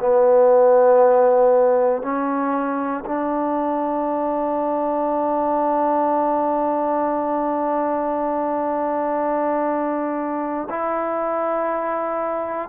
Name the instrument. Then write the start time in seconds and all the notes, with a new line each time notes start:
trombone
0.00 B3
2.02 C#4
3.06 D4
10.70 E4